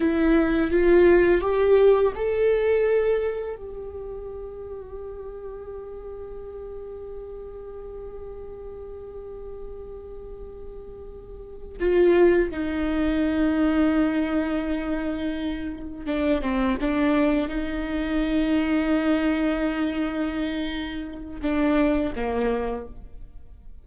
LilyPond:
\new Staff \with { instrumentName = "viola" } { \time 4/4 \tempo 4 = 84 e'4 f'4 g'4 a'4~ | a'4 g'2.~ | g'1~ | g'1~ |
g'8 f'4 dis'2~ dis'8~ | dis'2~ dis'8 d'8 c'8 d'8~ | d'8 dis'2.~ dis'8~ | dis'2 d'4 ais4 | }